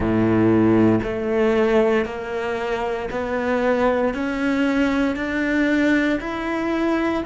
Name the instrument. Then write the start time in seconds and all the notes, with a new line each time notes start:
cello
0.00 A2
1.03 A3
2.05 A#3
3.10 B3
4.14 C#4
5.15 D4
6.20 E4